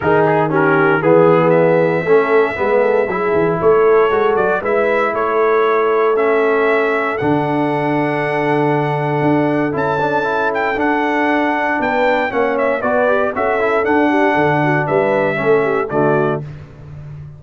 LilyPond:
<<
  \new Staff \with { instrumentName = "trumpet" } { \time 4/4 \tempo 4 = 117 ais'8 gis'8 ais'4 gis'4 e''4~ | e''2. cis''4~ | cis''8 d''8 e''4 cis''2 | e''2 fis''2~ |
fis''2. a''4~ | a''8 g''8 fis''2 g''4 | fis''8 e''8 d''4 e''4 fis''4~ | fis''4 e''2 d''4 | }
  \new Staff \with { instrumentName = "horn" } { \time 4/4 gis'4 g'4 gis'2 | a'4 b'8 a'8 gis'4 a'4~ | a'4 b'4 a'2~ | a'1~ |
a'1~ | a'2. b'4 | cis''4 b'4 a'4. g'8 | a'8 fis'8 b'4 a'8 g'8 fis'4 | }
  \new Staff \with { instrumentName = "trombone" } { \time 4/4 dis'4 cis'4 b2 | cis'4 b4 e'2 | fis'4 e'2. | cis'2 d'2~ |
d'2. e'8 d'8 | e'4 d'2. | cis'4 fis'8 g'8 fis'8 e'8 d'4~ | d'2 cis'4 a4 | }
  \new Staff \with { instrumentName = "tuba" } { \time 4/4 dis2 e2 | a4 gis4 fis8 e8 a4 | gis8 fis8 gis4 a2~ | a2 d2~ |
d2 d'4 cis'4~ | cis'4 d'2 b4 | ais4 b4 cis'4 d'4 | d4 g4 a4 d4 | }
>>